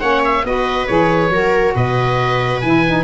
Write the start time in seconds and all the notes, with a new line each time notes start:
0.00 A#3 C#4 C#5 F#5
0.25 E5
0.44 B3 F#4 B4 D#5
0.87 E3 G#4 C#5
1.30 F#3 F#4 A#4
1.75 B2 B4 D#5
2.61 E3 E4 G#5
2.87 D#4